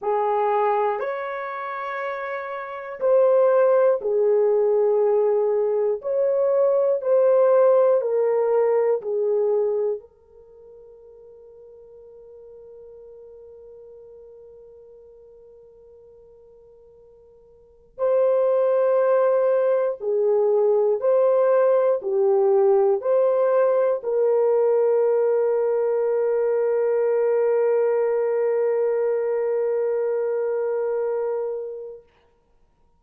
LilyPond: \new Staff \with { instrumentName = "horn" } { \time 4/4 \tempo 4 = 60 gis'4 cis''2 c''4 | gis'2 cis''4 c''4 | ais'4 gis'4 ais'2~ | ais'1~ |
ais'2 c''2 | gis'4 c''4 g'4 c''4 | ais'1~ | ais'1 | }